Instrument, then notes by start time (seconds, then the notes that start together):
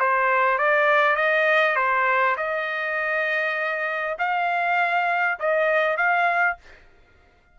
trumpet
0.00 C5
0.59 D5
1.16 D#5
1.76 C5
2.38 D#5
4.19 F5
5.40 D#5
5.98 F5